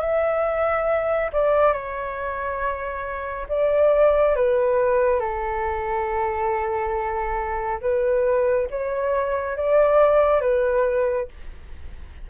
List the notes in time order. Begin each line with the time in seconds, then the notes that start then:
0.00 E5
1.32 D5
1.73 C#5
3.48 D5
4.36 B4
5.19 A4
7.81 B4
8.70 C#5
9.56 D5
10.41 B4